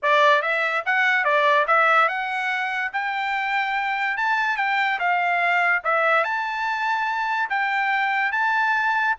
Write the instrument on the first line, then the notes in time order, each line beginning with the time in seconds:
trumpet
0.02 D5
0.41 E5
0.85 F#5
1.24 D5
1.67 E5
2.08 F#5
2.92 G5
4.17 A5
4.57 G5
4.99 F5
5.84 E5
6.24 A5
7.49 G5
8.32 A5